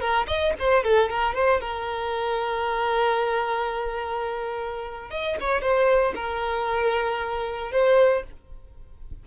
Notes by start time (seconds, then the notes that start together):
0.00 A#4
0.27 D#5
0.59 C5
0.83 A4
1.10 A#4
1.34 C5
1.61 A#4
5.10 D#5
5.40 C#5
5.61 C5
6.15 A#4
7.71 C5